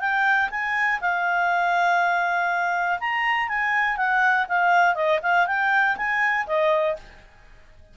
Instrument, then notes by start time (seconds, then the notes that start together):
clarinet
0.00 G5
0.50 G#5
1.01 F5
3.00 A#5
3.48 G#5
3.97 F#5
4.49 F5
4.95 D#5
5.23 F5
5.47 G5
5.97 G#5
6.47 D#5